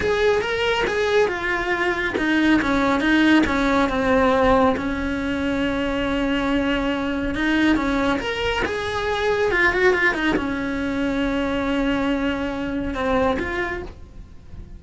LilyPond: \new Staff \with { instrumentName = "cello" } { \time 4/4 \tempo 4 = 139 gis'4 ais'4 gis'4 f'4~ | f'4 dis'4 cis'4 dis'4 | cis'4 c'2 cis'4~ | cis'1~ |
cis'4 dis'4 cis'4 ais'4 | gis'2 f'8 fis'8 f'8 dis'8 | cis'1~ | cis'2 c'4 f'4 | }